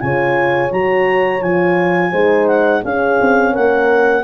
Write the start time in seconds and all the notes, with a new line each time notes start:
0.00 C#3 F4 C#5 G#5
0.71 F#3 F#4 A#5
1.41 F3 F4 G#5
2.11 G#3 D#4 C5
2.48 F#5
2.83 C#4 G#4 F5
3.21 C4
3.52 A#3 A#4 F#5